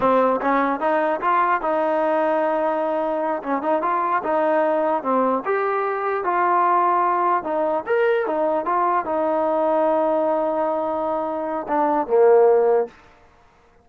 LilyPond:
\new Staff \with { instrumentName = "trombone" } { \time 4/4 \tempo 4 = 149 c'4 cis'4 dis'4 f'4 | dis'1~ | dis'8 cis'8 dis'8 f'4 dis'4.~ | dis'8 c'4 g'2 f'8~ |
f'2~ f'8 dis'4 ais'8~ | ais'8 dis'4 f'4 dis'4.~ | dis'1~ | dis'4 d'4 ais2 | }